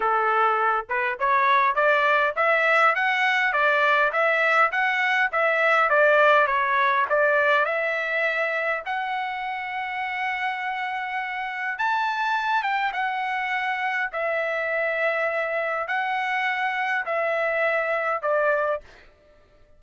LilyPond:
\new Staff \with { instrumentName = "trumpet" } { \time 4/4 \tempo 4 = 102 a'4. b'8 cis''4 d''4 | e''4 fis''4 d''4 e''4 | fis''4 e''4 d''4 cis''4 | d''4 e''2 fis''4~ |
fis''1 | a''4. g''8 fis''2 | e''2. fis''4~ | fis''4 e''2 d''4 | }